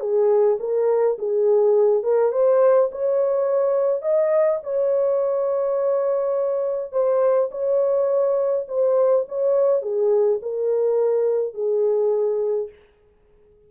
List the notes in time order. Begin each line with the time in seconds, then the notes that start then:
0.00 G#4
0.60 A#4
1.19 G#4
2.03 A#4
2.32 C5
2.92 C#5
4.02 D#5
4.64 C#5
6.92 C5
7.52 C#5
8.68 C5
9.29 C#5
9.82 G#4
10.42 A#4
11.54 G#4